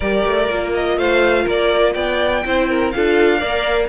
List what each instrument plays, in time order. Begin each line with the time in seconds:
0.00 cello G3, viola G4, violin A#4 D5
0.25 cello A3
0.49 cello A#3, viola F4
0.74 violin D#5
0.97 cello A3, violin C5 F5
1.43 cello A#3, violin A#4
1.49 violin D5
1.93 cello B3, violin D5 G5
2.44 cello C4, viola E4, violin C5
2.69 violin A#4
2.91 cello D4, viola F4, violin A4 F5
3.38 cello A#3, viola A#4, violin D5